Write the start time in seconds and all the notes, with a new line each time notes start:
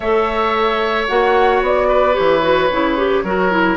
0.00 A3 A4 C#5 E5
1.07 A#3 F#4 F#5
1.61 B3 D5
1.88 B4
2.12 E3 G4 C#5
2.42 F#4
2.70 C#3 E4
2.97 G4
3.23 F#3 F#4 A#4
3.51 E4